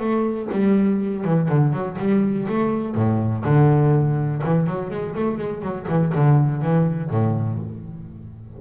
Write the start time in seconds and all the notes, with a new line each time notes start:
0.00 A3
0.52 G3
1.25 E3
1.49 D3
1.73 F#3
1.99 G3
2.49 A3
2.96 A2
3.45 D3
4.44 E3
4.67 F#3
4.91 G#3
5.16 A3
5.38 G#3
5.62 F#3
5.88 E3
6.15 D3
6.62 E3
7.11 A2